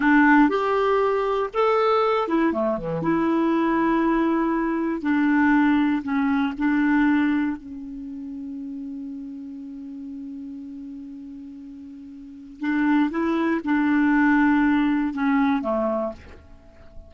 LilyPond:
\new Staff \with { instrumentName = "clarinet" } { \time 4/4 \tempo 4 = 119 d'4 g'2 a'4~ | a'8 e'8 a8 e8 e'2~ | e'2 d'2 | cis'4 d'2 cis'4~ |
cis'1~ | cis'1~ | cis'4 d'4 e'4 d'4~ | d'2 cis'4 a4 | }